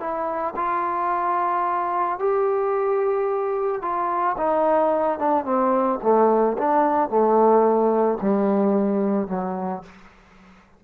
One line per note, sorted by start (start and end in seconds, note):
0.00 0.55 E4
0.56 2.19 F4
2.19 3.82 G4
3.82 4.36 F4
4.38 5.19 D#4
5.19 5.45 D4
5.45 6.00 C4
6.03 6.57 A3
6.58 7.09 D4
7.09 8.18 A3
8.22 9.28 G3
9.28 9.83 F#3